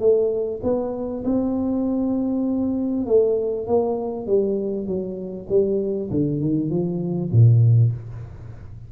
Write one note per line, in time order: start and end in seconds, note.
0.00 0.61 A3
0.63 1.24 B3
1.25 3.06 C4
3.06 3.67 A3
3.67 4.27 A#3
4.27 4.87 G3
4.87 5.47 F#3
5.49 6.10 G3
6.11 6.41 D3
6.41 6.70 D#3
6.70 7.31 F3
7.32 7.92 A#2